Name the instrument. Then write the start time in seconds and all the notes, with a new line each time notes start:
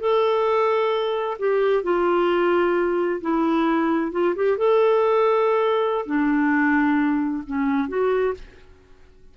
clarinet
0.00 A4
1.38 G4
1.83 F4
3.21 E4
4.12 F4
4.35 G4
4.57 A4
6.06 D4
7.47 C#4
7.88 F#4